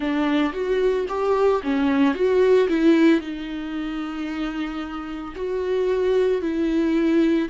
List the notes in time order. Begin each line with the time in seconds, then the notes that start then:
0.00 D4
0.53 F#4
1.08 G4
1.63 C#4
2.14 F#4
2.68 E4
3.20 D#4
5.35 F#4
6.41 E4